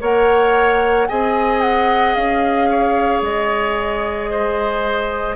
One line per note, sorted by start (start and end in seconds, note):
0.00 1.08 A#3
0.00 1.07 A#4
0.00 1.08 C#5
0.00 1.08 F#5
1.08 2.16 C4
1.08 5.36 G#4
1.08 2.69 D#5
1.08 1.61 G#5
1.61 2.15 F#5
2.15 3.22 C#4
2.15 3.22 F5
2.70 4.30 C#5
3.22 5.36 G#3
3.22 5.36 D#5
4.30 5.36 C5